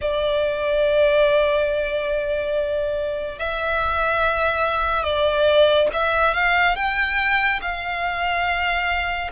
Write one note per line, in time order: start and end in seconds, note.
0.01 3.38 D5
3.38 5.03 E5
5.03 5.88 D5
5.93 6.34 E5
6.34 6.75 F5
6.75 7.60 G5
7.61 9.30 F5